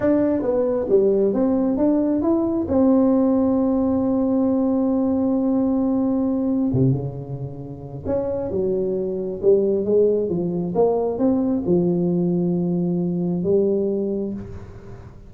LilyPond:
\new Staff \with { instrumentName = "tuba" } { \time 4/4 \tempo 4 = 134 d'4 b4 g4 c'4 | d'4 e'4 c'2~ | c'1~ | c'2. c8 cis8~ |
cis2 cis'4 fis4~ | fis4 g4 gis4 f4 | ais4 c'4 f2~ | f2 g2 | }